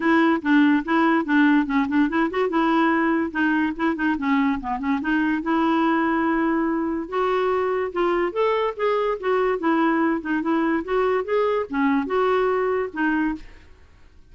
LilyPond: \new Staff \with { instrumentName = "clarinet" } { \time 4/4 \tempo 4 = 144 e'4 d'4 e'4 d'4 | cis'8 d'8 e'8 fis'8 e'2 | dis'4 e'8 dis'8 cis'4 b8 cis'8 | dis'4 e'2.~ |
e'4 fis'2 f'4 | a'4 gis'4 fis'4 e'4~ | e'8 dis'8 e'4 fis'4 gis'4 | cis'4 fis'2 dis'4 | }